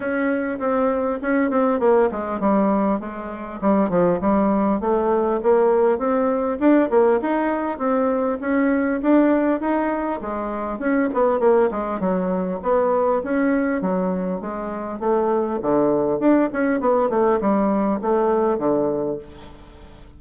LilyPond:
\new Staff \with { instrumentName = "bassoon" } { \time 4/4 \tempo 4 = 100 cis'4 c'4 cis'8 c'8 ais8 gis8 | g4 gis4 g8 f8 g4 | a4 ais4 c'4 d'8 ais8 | dis'4 c'4 cis'4 d'4 |
dis'4 gis4 cis'8 b8 ais8 gis8 | fis4 b4 cis'4 fis4 | gis4 a4 d4 d'8 cis'8 | b8 a8 g4 a4 d4 | }